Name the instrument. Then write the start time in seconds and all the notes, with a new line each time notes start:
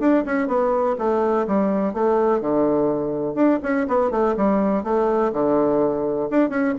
bassoon
0.00 D4
0.26 C#4
0.48 B3
0.99 A3
1.47 G3
1.94 A3
2.41 D3
3.35 D4
3.63 C#4
3.88 B3
4.11 A3
4.37 G3
4.84 A3
5.33 D3
6.31 D4
6.50 C#4